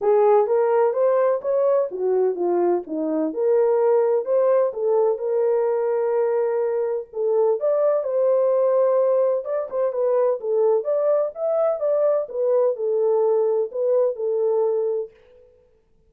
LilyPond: \new Staff \with { instrumentName = "horn" } { \time 4/4 \tempo 4 = 127 gis'4 ais'4 c''4 cis''4 | fis'4 f'4 dis'4 ais'4~ | ais'4 c''4 a'4 ais'4~ | ais'2. a'4 |
d''4 c''2. | d''8 c''8 b'4 a'4 d''4 | e''4 d''4 b'4 a'4~ | a'4 b'4 a'2 | }